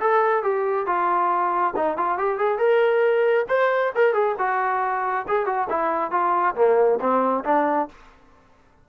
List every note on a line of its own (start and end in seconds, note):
0.00 0.43 A4
0.43 0.87 G4
0.87 1.74 F4
1.76 1.97 D#4
1.97 2.18 F4
2.18 2.39 G4
2.39 2.59 G#4
2.59 3.46 A#4
3.49 3.92 C5
3.95 4.14 A#4
4.14 4.36 G#4
4.38 5.26 F#4
5.28 5.46 G#4
5.46 5.68 F#4
5.70 6.11 E4
6.11 6.55 F4
6.56 6.99 A#3
7.00 7.44 C4
7.45 7.88 D4